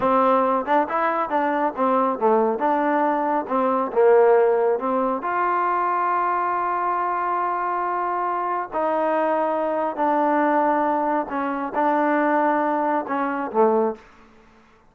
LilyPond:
\new Staff \with { instrumentName = "trombone" } { \time 4/4 \tempo 4 = 138 c'4. d'8 e'4 d'4 | c'4 a4 d'2 | c'4 ais2 c'4 | f'1~ |
f'1 | dis'2. d'4~ | d'2 cis'4 d'4~ | d'2 cis'4 a4 | }